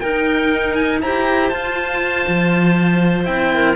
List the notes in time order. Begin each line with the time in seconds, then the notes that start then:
0.00 D#4 A#4 G5
0.75 G#5
1.01 E4 G4 C5 A#5
1.49 F4 A5
2.28 F3
3.25 C4 E4 G5
3.54 A#4